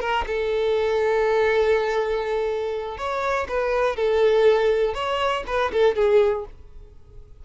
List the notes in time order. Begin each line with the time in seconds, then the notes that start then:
0.00 A#4
0.27 A4
2.98 C#5
3.49 B4
3.96 A4
4.94 C#5
5.47 B4
5.72 A4
5.96 G#4